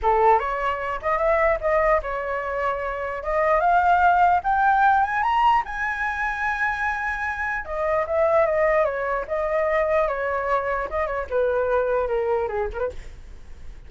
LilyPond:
\new Staff \with { instrumentName = "flute" } { \time 4/4 \tempo 4 = 149 a'4 cis''4. dis''8 e''4 | dis''4 cis''2. | dis''4 f''2 g''4~ | g''8 gis''8 ais''4 gis''2~ |
gis''2. dis''4 | e''4 dis''4 cis''4 dis''4~ | dis''4 cis''2 dis''8 cis''8 | b'2 ais'4 gis'8 ais'16 b'16 | }